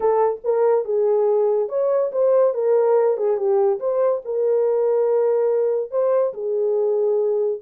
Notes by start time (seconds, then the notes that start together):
0.00 A4
0.44 A#4
0.85 G#4
1.68 C#5
2.12 C5
2.54 A#4
3.17 G#4
3.37 G4
3.79 C5
4.25 A#4
5.91 C5
6.33 G#4